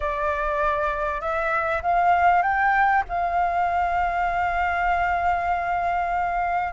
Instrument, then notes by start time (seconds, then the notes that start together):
flute
0.00 D5
1.21 E5
1.82 F5
2.42 G5
3.08 F5